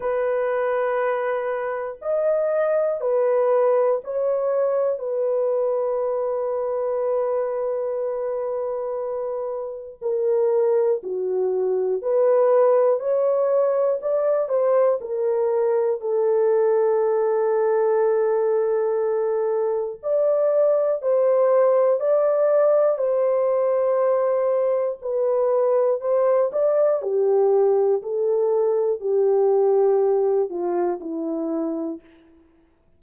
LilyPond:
\new Staff \with { instrumentName = "horn" } { \time 4/4 \tempo 4 = 60 b'2 dis''4 b'4 | cis''4 b'2.~ | b'2 ais'4 fis'4 | b'4 cis''4 d''8 c''8 ais'4 |
a'1 | d''4 c''4 d''4 c''4~ | c''4 b'4 c''8 d''8 g'4 | a'4 g'4. f'8 e'4 | }